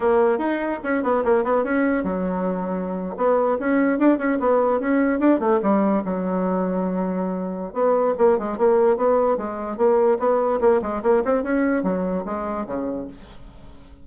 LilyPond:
\new Staff \with { instrumentName = "bassoon" } { \time 4/4 \tempo 4 = 147 ais4 dis'4 cis'8 b8 ais8 b8 | cis'4 fis2~ fis8. b16~ | b8. cis'4 d'8 cis'8 b4 cis'16~ | cis'8. d'8 a8 g4 fis4~ fis16~ |
fis2. b4 | ais8 gis8 ais4 b4 gis4 | ais4 b4 ais8 gis8 ais8 c'8 | cis'4 fis4 gis4 cis4 | }